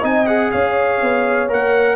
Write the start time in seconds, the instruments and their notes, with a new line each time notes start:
0.00 tuba C4, trombone D#4, horn D#5, trumpet G#5
0.26 trombone G#4, trumpet F#5
0.51 tuba C#4, horn C#5, trumpet F5
1.01 tuba B3
1.48 tuba A#3, trombone A#4, trumpet F#5